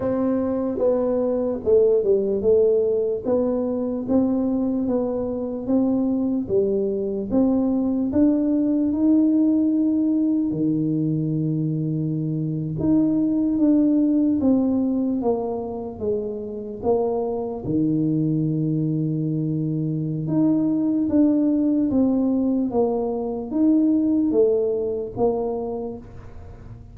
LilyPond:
\new Staff \with { instrumentName = "tuba" } { \time 4/4 \tempo 4 = 74 c'4 b4 a8 g8 a4 | b4 c'4 b4 c'4 | g4 c'4 d'4 dis'4~ | dis'4 dis2~ dis8. dis'16~ |
dis'8. d'4 c'4 ais4 gis16~ | gis8. ais4 dis2~ dis16~ | dis4 dis'4 d'4 c'4 | ais4 dis'4 a4 ais4 | }